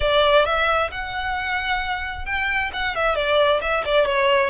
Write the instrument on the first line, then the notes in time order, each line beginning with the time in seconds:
violin
0.00 D5
0.45 E5
0.91 F#5
2.25 G5
2.73 F#5
2.95 E5
3.15 D5
3.61 E5
3.85 D5
4.05 C#5